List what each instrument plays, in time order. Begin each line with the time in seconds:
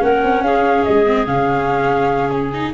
0.00 tuba A#3, viola C#4, clarinet A#4, flute F#5
0.24 tuba C4
0.41 tuba C#4, clarinet G#4, flute F5
0.84 tuba G#3, flute D#5
1.06 viola C4
1.27 tuba C#3, viola C#4, flute F5
2.30 flute G#4
2.54 viola D#4